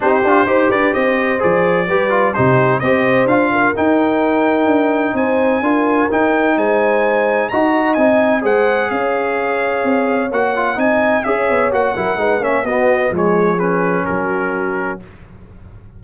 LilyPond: <<
  \new Staff \with { instrumentName = "trumpet" } { \time 4/4 \tempo 4 = 128 c''4. d''8 dis''4 d''4~ | d''4 c''4 dis''4 f''4 | g''2. gis''4~ | gis''4 g''4 gis''2 |
ais''4 gis''4 fis''4 f''4~ | f''2 fis''4 gis''4 | e''4 fis''4. e''8 dis''4 | cis''4 b'4 ais'2 | }
  \new Staff \with { instrumentName = "horn" } { \time 4/4 g'4 c''8 b'8 c''2 | b'4 g'4 c''4. ais'8~ | ais'2. c''4 | ais'2 c''2 |
dis''2 c''4 cis''4~ | cis''2. dis''4 | cis''4. ais'8 b'8 cis''8 fis'4 | gis'2 fis'2 | }
  \new Staff \with { instrumentName = "trombone" } { \time 4/4 dis'8 f'8 g'2 gis'4 | g'8 f'8 dis'4 g'4 f'4 | dis'1 | f'4 dis'2. |
fis'4 dis'4 gis'2~ | gis'2 fis'8 f'8 dis'4 | gis'4 fis'8 e'8 dis'8 cis'8 b4 | gis4 cis'2. | }
  \new Staff \with { instrumentName = "tuba" } { \time 4/4 c'8 d'8 dis'8 d'8 c'4 f4 | g4 c4 c'4 d'4 | dis'2 d'4 c'4 | d'4 dis'4 gis2 |
dis'4 c'4 gis4 cis'4~ | cis'4 c'4 ais4 c'4 | cis'8 b8 ais8 fis8 gis8 ais8 b4 | f2 fis2 | }
>>